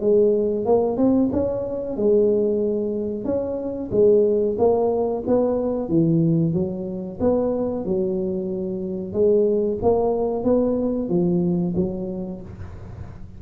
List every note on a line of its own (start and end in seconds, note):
0.00 0.65 G#3
0.66 0.97 A#3
0.97 1.30 C4
1.32 1.97 C#4
1.97 3.25 G#3
3.25 3.90 C#4
3.92 4.57 G#3
4.58 5.24 A#3
5.27 5.89 B3
5.89 6.53 E3
6.53 7.19 F#3
7.20 7.85 B3
7.85 9.13 F#3
9.13 9.78 G#3
9.82 10.44 A#3
10.44 11.09 B3
11.09 11.74 F3
11.76 12.41 F#3